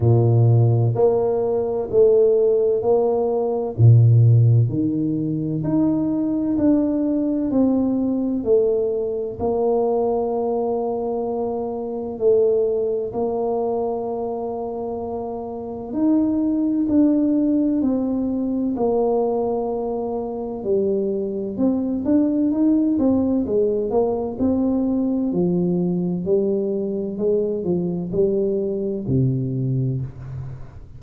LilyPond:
\new Staff \with { instrumentName = "tuba" } { \time 4/4 \tempo 4 = 64 ais,4 ais4 a4 ais4 | ais,4 dis4 dis'4 d'4 | c'4 a4 ais2~ | ais4 a4 ais2~ |
ais4 dis'4 d'4 c'4 | ais2 g4 c'8 d'8 | dis'8 c'8 gis8 ais8 c'4 f4 | g4 gis8 f8 g4 c4 | }